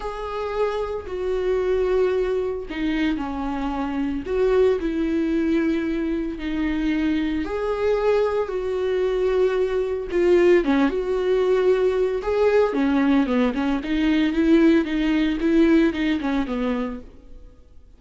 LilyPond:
\new Staff \with { instrumentName = "viola" } { \time 4/4 \tempo 4 = 113 gis'2 fis'2~ | fis'4 dis'4 cis'2 | fis'4 e'2. | dis'2 gis'2 |
fis'2. f'4 | cis'8 fis'2~ fis'8 gis'4 | cis'4 b8 cis'8 dis'4 e'4 | dis'4 e'4 dis'8 cis'8 b4 | }